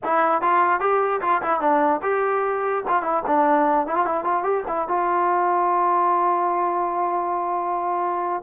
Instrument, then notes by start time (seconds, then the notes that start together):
trombone
0.03 E4
0.41 F4
0.80 G4
1.21 F4
1.42 E4
1.60 D4
2.02 G4
2.87 F4
3.02 E4
3.27 D4
3.86 E4
3.95 F4
4.05 E4
4.24 F4
4.43 G4
4.67 E4
4.88 F4